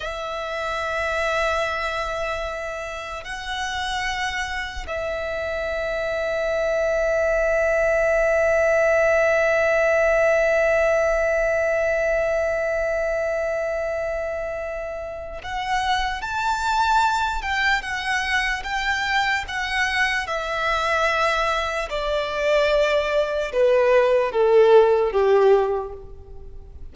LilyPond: \new Staff \with { instrumentName = "violin" } { \time 4/4 \tempo 4 = 74 e''1 | fis''2 e''2~ | e''1~ | e''1~ |
e''2. fis''4 | a''4. g''8 fis''4 g''4 | fis''4 e''2 d''4~ | d''4 b'4 a'4 g'4 | }